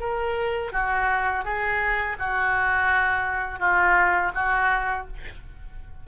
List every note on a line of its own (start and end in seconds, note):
0.00 0.72 A#4
0.73 1.45 F#4
1.45 2.17 G#4
2.19 3.60 F#4
3.60 4.32 F4
4.35 5.07 F#4